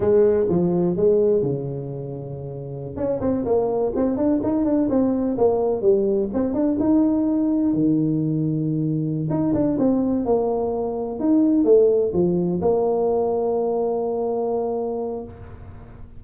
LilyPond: \new Staff \with { instrumentName = "tuba" } { \time 4/4 \tempo 4 = 126 gis4 f4 gis4 cis4~ | cis2~ cis16 cis'8 c'8 ais8.~ | ais16 c'8 d'8 dis'8 d'8 c'4 ais8.~ | ais16 g4 c'8 d'8 dis'4.~ dis'16~ |
dis'16 dis2.~ dis16 dis'8 | d'8 c'4 ais2 dis'8~ | dis'8 a4 f4 ais4.~ | ais1 | }